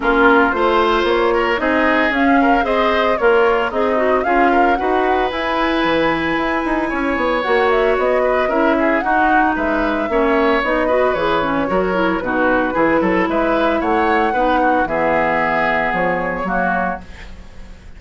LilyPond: <<
  \new Staff \with { instrumentName = "flute" } { \time 4/4 \tempo 4 = 113 ais'4 c''4 cis''4 dis''4 | f''4 dis''4 cis''4 dis''4 | f''4 fis''4 gis''2~ | gis''2 fis''8 e''8 dis''4 |
e''4 fis''4 e''2 | dis''4 cis''2 b'4~ | b'4 e''4 fis''2 | e''2 cis''2 | }
  \new Staff \with { instrumentName = "oboe" } { \time 4/4 f'4 c''4. ais'8 gis'4~ | gis'8 ais'8 c''4 f'4 dis'4 | gis'8 ais'8 b'2.~ | b'4 cis''2~ cis''8 b'8 |
ais'8 gis'8 fis'4 b'4 cis''4~ | cis''8 b'4. ais'4 fis'4 | gis'8 a'8 b'4 cis''4 b'8 fis'8 | gis'2. fis'4 | }
  \new Staff \with { instrumentName = "clarinet" } { \time 4/4 cis'4 f'2 dis'4 | cis'4 gis'4 ais'4 gis'8 fis'8 | f'4 fis'4 e'2~ | e'2 fis'2 |
e'4 dis'2 cis'4 | dis'8 fis'8 gis'8 cis'8 fis'8 e'8 dis'4 | e'2. dis'4 | b2. ais4 | }
  \new Staff \with { instrumentName = "bassoon" } { \time 4/4 ais4 a4 ais4 c'4 | cis'4 c'4 ais4 c'4 | cis'4 dis'4 e'4 e4 | e'8 dis'8 cis'8 b8 ais4 b4 |
cis'4 dis'4 gis4 ais4 | b4 e4 fis4 b,4 | e8 fis8 gis4 a4 b4 | e2 f4 fis4 | }
>>